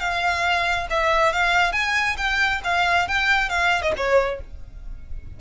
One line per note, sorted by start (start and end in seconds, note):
0.00 0.88 F5
0.90 1.33 E5
1.33 1.73 F5
1.73 2.17 G#5
2.18 2.61 G5
2.64 3.08 F5
3.08 3.49 G5
3.49 3.82 F5
3.82 3.93 D#5
3.97 4.41 C#5